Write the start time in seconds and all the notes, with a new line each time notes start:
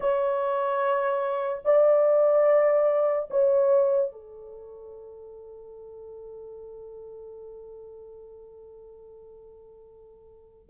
0.00 C#5
1.64 D5
3.30 C#5
4.11 A4